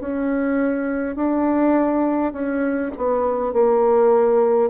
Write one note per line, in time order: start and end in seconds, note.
0.00 1.16 C#4
1.16 2.33 D4
2.33 2.91 C#4
2.97 3.53 B3
3.53 4.70 A#3